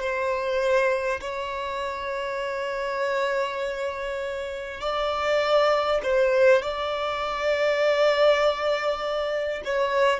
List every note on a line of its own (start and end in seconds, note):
0.00 1.20 C5
1.20 4.80 C#5
4.81 6.01 D5
6.03 6.62 C5
6.62 9.62 D5
9.64 10.19 C#5